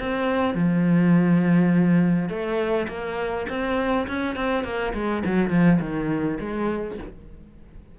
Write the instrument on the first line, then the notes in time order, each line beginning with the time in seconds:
cello
0.00 C4
0.55 F3
2.29 A3
2.89 A#3
3.50 C4
4.08 C#4
4.36 C4
4.64 A#3
4.95 G#3
5.26 F#3
5.50 F3
5.81 D#3
6.40 G#3